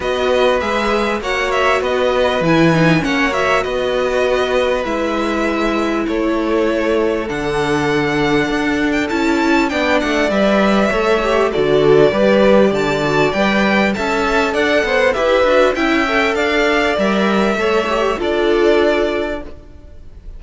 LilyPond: <<
  \new Staff \with { instrumentName = "violin" } { \time 4/4 \tempo 4 = 99 dis''4 e''4 fis''8 e''8 dis''4 | gis''4 fis''8 e''8 dis''2 | e''2 cis''2 | fis''2~ fis''8. g''16 a''4 |
g''8 fis''8 e''2 d''4~ | d''4 a''4 g''4 a''4 | fis''4 e''4 g''4 f''4 | e''2 d''2 | }
  \new Staff \with { instrumentName = "violin" } { \time 4/4 b'2 cis''4 b'4~ | b'4 cis''4 b'2~ | b'2 a'2~ | a'1 |
d''2 cis''4 a'4 | b'4 d''2 e''4 | d''8 c''8 b'4 e''4 d''4~ | d''4 cis''4 a'2 | }
  \new Staff \with { instrumentName = "viola" } { \time 4/4 fis'4 gis'4 fis'2 | e'8 dis'8 cis'8 fis'2~ fis'8 | e'1 | d'2. e'4 |
d'4 b'4 a'8 g'8 fis'4 | g'4. fis'8 b'4 a'4~ | a'4 g'8 fis'8 e'8 a'4. | ais'4 a'8 g'8 f'2 | }
  \new Staff \with { instrumentName = "cello" } { \time 4/4 b4 gis4 ais4 b4 | e4 ais4 b2 | gis2 a2 | d2 d'4 cis'4 |
b8 a8 g4 a4 d4 | g4 d4 g4 cis'4 | d'8 b8 e'8 d'8 cis'4 d'4 | g4 a4 d'2 | }
>>